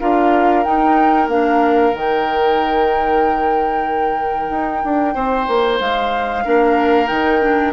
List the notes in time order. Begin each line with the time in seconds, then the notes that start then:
0.00 D4 F4 A#4 F5
0.64 D#4 G5
1.28 A#3 D4 F5
1.94 D#3 D#4 G5
4.51 D#4
4.85 D4
5.15 C4 C5
5.48 A#3
5.80 G#3 F5
6.45 A#3 D4 A#4
7.07 D#3 D#4 G5
7.42 D4